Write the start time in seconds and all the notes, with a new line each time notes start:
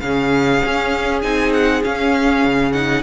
0.00 C#3 C#4 G#4 F5
0.66 C#4
1.22 C4 D#4 G#5
1.53 F#5
1.83 C#4 F5
2.44 C#3
2.73 D#4 F#5